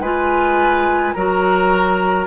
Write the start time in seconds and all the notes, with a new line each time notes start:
0.00 G#3 F4 B4 G#5
1.14 F#3 F#4 A#4 A#5